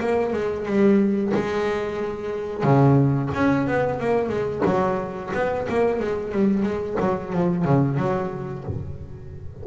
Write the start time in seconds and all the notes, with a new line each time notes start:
0.00 A#3
0.33 G#3
0.66 G3
1.34 G#3
2.64 C#3
3.34 C#4
3.67 B3
4.00 A#3
4.29 G#3
4.65 F#3
5.34 B3
5.69 A#3
6.00 G#3
6.32 G3
6.63 G#3
7.00 F#3
7.33 F3
7.65 C#3
7.98 F#3